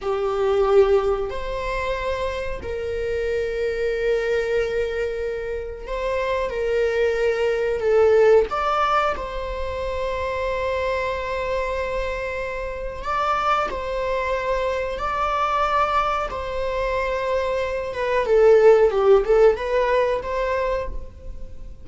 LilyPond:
\new Staff \with { instrumentName = "viola" } { \time 4/4 \tempo 4 = 92 g'2 c''2 | ais'1~ | ais'4 c''4 ais'2 | a'4 d''4 c''2~ |
c''1 | d''4 c''2 d''4~ | d''4 c''2~ c''8 b'8 | a'4 g'8 a'8 b'4 c''4 | }